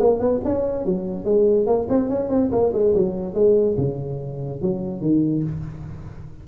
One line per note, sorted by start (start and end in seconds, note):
0.00 0.19 A#3
0.19 0.40 B3
0.44 0.85 C#4
0.85 1.25 F#3
1.25 1.66 G#3
1.66 1.87 A#3
1.89 2.09 C4
2.09 2.29 C#4
2.29 2.50 C4
2.51 2.72 A#3
2.73 2.94 G#3
2.95 3.34 F#3
3.34 3.76 G#3
3.78 4.62 C#3
4.62 5.01 F#3
5.01 5.43 D#3